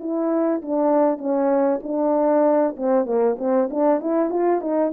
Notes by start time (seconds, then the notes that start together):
0.00 E4
0.62 D4
1.18 C#4
1.83 D4
2.77 C4
3.06 A#3
3.39 C4
3.71 D4
4.01 E4
4.30 F4
4.61 D#4